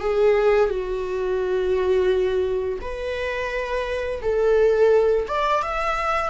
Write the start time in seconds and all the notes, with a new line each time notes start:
0.00 G#4
0.69 F#4
2.81 B4
4.22 A4
5.27 D5
5.63 E5